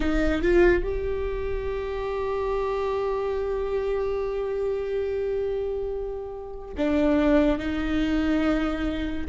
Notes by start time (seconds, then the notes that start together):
0.00 D#4
0.42 F4
0.83 G4
6.77 D4
7.58 D#4